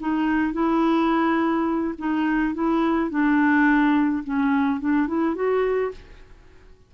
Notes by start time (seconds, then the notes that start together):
0.00 D#4
0.53 E4
1.98 D#4
2.54 E4
3.10 D4
4.24 C#4
4.80 D4
5.07 E4
5.35 F#4